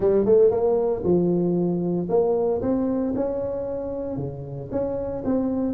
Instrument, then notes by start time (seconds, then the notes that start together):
tuba
0.00 G3
0.25 A3
0.51 A#3
1.03 F3
2.09 A#3
2.61 C4
3.15 C#4
4.16 C#3
4.71 C#4
5.24 C4